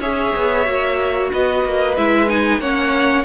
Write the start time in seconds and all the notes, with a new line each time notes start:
0.00 C#4 G#4 C#5 E5
0.36 B3
0.65 A#3 F#4
1.33 B3 B4 D#5
1.65 A#3
1.97 G#3 E4 E5
2.29 D#4 G#5
2.59 A#3 C#4 C#5 F#5